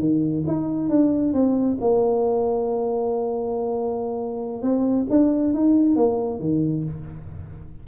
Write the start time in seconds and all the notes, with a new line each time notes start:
0.00 D#3
0.48 D#4
0.90 D4
1.34 C4
1.81 A#3
4.62 C4
5.10 D4
5.54 D#4
5.96 A#3
6.40 D#3